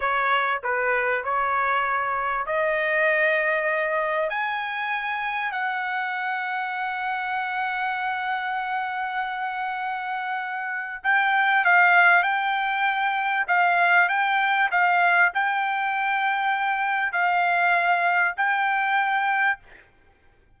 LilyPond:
\new Staff \with { instrumentName = "trumpet" } { \time 4/4 \tempo 4 = 98 cis''4 b'4 cis''2 | dis''2. gis''4~ | gis''4 fis''2.~ | fis''1~ |
fis''2 g''4 f''4 | g''2 f''4 g''4 | f''4 g''2. | f''2 g''2 | }